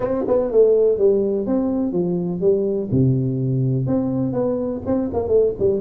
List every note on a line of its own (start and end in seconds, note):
0.00 0.24 C4
0.27 0.51 B3
0.51 0.98 A3
0.98 1.46 G3
1.46 1.92 C4
1.92 2.40 F3
2.40 2.89 G3
2.91 3.87 C3
3.87 4.32 C4
4.32 4.81 B3
4.86 5.10 C4
5.13 5.28 A#3
5.28 5.52 A3
5.59 5.81 G3